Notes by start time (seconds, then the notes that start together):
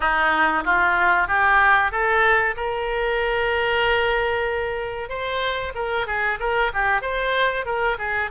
0.00 D#4
0.64 F4
1.27 G4
1.91 A4
2.56 A#4
5.09 C5
5.74 A#4
6.06 G#4
6.39 A#4
6.73 G4
7.01 C5
7.65 A#4
7.98 G#4